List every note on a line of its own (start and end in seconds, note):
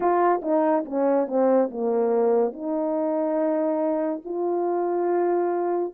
0.00 0.41 F4
0.42 0.84 D#4
0.85 1.27 C#4
1.27 1.69 C4
1.71 2.52 A#3
2.52 4.21 D#4
4.24 5.93 F4